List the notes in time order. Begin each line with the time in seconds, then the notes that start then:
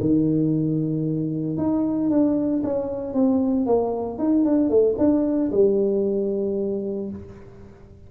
0.00 D#3
1.57 D#4
2.10 D4
2.63 C#4
3.14 C4
3.66 A#3
4.18 D#4
4.44 D4
4.69 A3
4.98 D4
5.51 G3